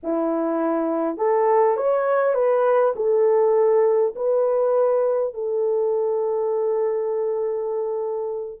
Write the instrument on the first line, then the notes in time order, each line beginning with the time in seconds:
horn
0.03 E4
1.17 A4
1.76 C#5
2.34 B4
2.95 A4
4.15 B4
5.34 A4